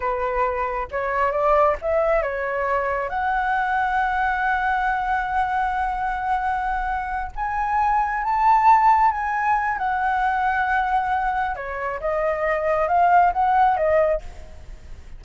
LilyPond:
\new Staff \with { instrumentName = "flute" } { \time 4/4 \tempo 4 = 135 b'2 cis''4 d''4 | e''4 cis''2 fis''4~ | fis''1~ | fis''1~ |
fis''8 gis''2 a''4.~ | a''8 gis''4. fis''2~ | fis''2 cis''4 dis''4~ | dis''4 f''4 fis''4 dis''4 | }